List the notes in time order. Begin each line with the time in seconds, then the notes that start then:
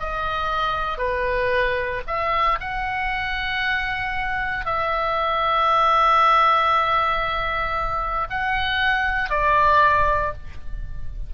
0.00 D#5
0.98 B4
2.07 E5
2.61 F#5
4.66 E5
8.30 F#5
9.30 D5